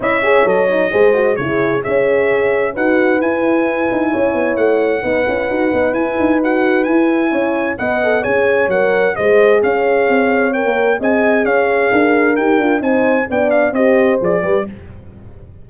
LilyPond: <<
  \new Staff \with { instrumentName = "trumpet" } { \time 4/4 \tempo 4 = 131 e''4 dis''2 cis''4 | e''2 fis''4 gis''4~ | gis''2 fis''2~ | fis''4 gis''4 fis''4 gis''4~ |
gis''4 fis''4 gis''4 fis''4 | dis''4 f''2 g''4 | gis''4 f''2 g''4 | gis''4 g''8 f''8 dis''4 d''4 | }
  \new Staff \with { instrumentName = "horn" } { \time 4/4 dis''8 cis''4. c''4 gis'4 | cis''2 b'2~ | b'4 cis''2 b'4~ | b'1 |
cis''4 dis''4 cis''2 | c''4 cis''2. | dis''4 cis''4 ais'2 | c''4 d''4 c''4. b'8 | }
  \new Staff \with { instrumentName = "horn" } { \time 4/4 e'8 gis'8 a'8 dis'8 gis'8 fis'8 e'4 | gis'2 fis'4 e'4~ | e'2. dis'8 e'8 | fis'8 dis'8 e'4 fis'4 e'4~ |
e'4 b'8 a'8 gis'4 ais'4 | gis'2. ais'4 | gis'2. g'8 f'8 | dis'4 d'4 g'4 gis'8 g'8 | }
  \new Staff \with { instrumentName = "tuba" } { \time 4/4 cis'4 fis4 gis4 cis4 | cis'2 dis'4 e'4~ | e'8 dis'8 cis'8 b8 a4 b8 cis'8 | dis'8 b8 e'8 dis'4. e'4 |
cis'4 b4 cis'4 fis4 | gis4 cis'4 c'4~ c'16 ais8. | c'4 cis'4 d'4 dis'8 d'8 | c'4 b4 c'4 f8 g8 | }
>>